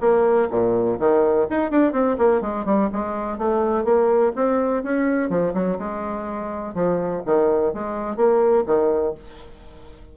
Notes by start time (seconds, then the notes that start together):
0.00 A#3
0.50 A#2
0.99 D#3
1.50 D#4
1.70 D4
1.92 C4
2.18 A#3
2.41 G#3
2.65 G3
2.93 G#3
3.38 A3
3.84 A#3
4.35 C4
4.83 C#4
5.30 F3
5.54 F#3
5.78 G#3
6.74 F3
7.26 D#3
7.74 G#3
8.16 A#3
8.66 D#3